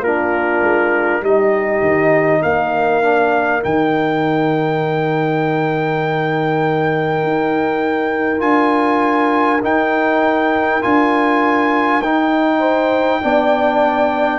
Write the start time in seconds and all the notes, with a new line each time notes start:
0.00 A#3 D4 F4 A#4
0.62 G#3
1.21 G3 D#4 G4 D#5
1.82 D#3
2.43 A#3 A#4 F5
3.02 D4
3.62 D#3 D#4 G5
7.23 D#4
8.39 D4 F4 G#5
9.62 D#4 G5
10.82 D4 F4 G#5
12.00 D#4 G5
12.59 C5
13.22 B3 D4 D5